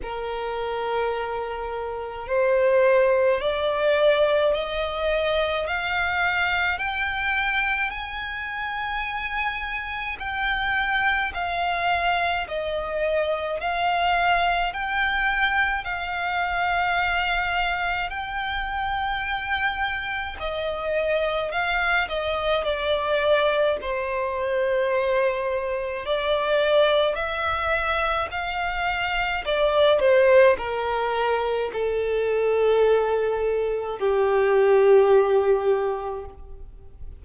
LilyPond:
\new Staff \with { instrumentName = "violin" } { \time 4/4 \tempo 4 = 53 ais'2 c''4 d''4 | dis''4 f''4 g''4 gis''4~ | gis''4 g''4 f''4 dis''4 | f''4 g''4 f''2 |
g''2 dis''4 f''8 dis''8 | d''4 c''2 d''4 | e''4 f''4 d''8 c''8 ais'4 | a'2 g'2 | }